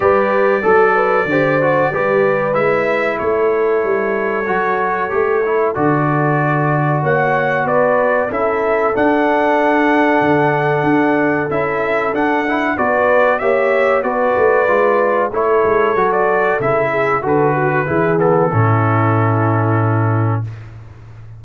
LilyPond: <<
  \new Staff \with { instrumentName = "trumpet" } { \time 4/4 \tempo 4 = 94 d''1 | e''4 cis''2.~ | cis''4 d''2 fis''4 | d''4 e''4 fis''2~ |
fis''2 e''4 fis''4 | d''4 e''4 d''2 | cis''4~ cis''16 d''8. e''4 b'4~ | b'8 a'2.~ a'8 | }
  \new Staff \with { instrumentName = "horn" } { \time 4/4 b'4 a'8 b'8 c''4 b'4~ | b'4 a'2.~ | a'2. cis''4 | b'4 a'2.~ |
a'1 | b'4 cis''4 b'2 | a'2~ a'8 gis'8 a'8 fis'8 | gis'4 e'2. | }
  \new Staff \with { instrumentName = "trombone" } { \time 4/4 g'4 a'4 g'8 fis'8 g'4 | e'2. fis'4 | g'8 e'8 fis'2.~ | fis'4 e'4 d'2~ |
d'2 e'4 d'8 e'8 | fis'4 g'4 fis'4 f'4 | e'4 fis'4 e'4 fis'4 | e'8 b8 cis'2. | }
  \new Staff \with { instrumentName = "tuba" } { \time 4/4 g4 fis4 d4 g4 | gis4 a4 g4 fis4 | a4 d2 ais4 | b4 cis'4 d'2 |
d4 d'4 cis'4 d'4 | b4 ais4 b8 a8 gis4 | a8 gis8 fis4 cis4 d4 | e4 a,2. | }
>>